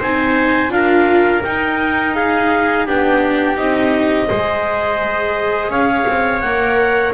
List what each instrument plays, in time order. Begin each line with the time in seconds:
0.00 double bass C4, viola D#4, trumpet C5, clarinet G#5
0.70 double bass D4, viola F4, trumpet A#4, clarinet F5
1.44 double bass D#4, viola D#4, clarinet G5
2.15 trumpet G#4, clarinet F5
2.87 double bass B3, viola D4, trumpet G4, clarinet G5
3.57 double bass C4, viola D#4, clarinet D#5
4.29 double bass G#3, viola G#4, trumpet C5
5.70 double bass C#4, trumpet C#5, clarinet F5
6.08 double bass C4
6.41 double bass A#3, viola A#4, clarinet F#5